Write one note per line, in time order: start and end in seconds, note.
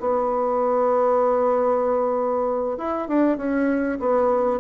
0.00 2.78 B3
2.78 3.08 E4
3.08 3.37 D4
3.37 3.99 C#4
4.00 4.60 B3